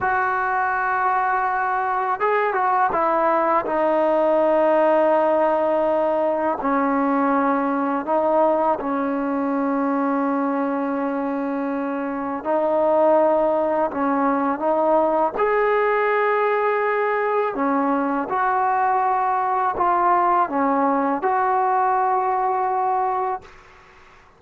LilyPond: \new Staff \with { instrumentName = "trombone" } { \time 4/4 \tempo 4 = 82 fis'2. gis'8 fis'8 | e'4 dis'2.~ | dis'4 cis'2 dis'4 | cis'1~ |
cis'4 dis'2 cis'4 | dis'4 gis'2. | cis'4 fis'2 f'4 | cis'4 fis'2. | }